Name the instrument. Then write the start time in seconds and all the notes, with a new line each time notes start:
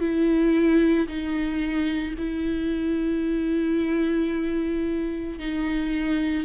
viola
0.00 E4
1.08 D#4
2.18 E4
5.39 D#4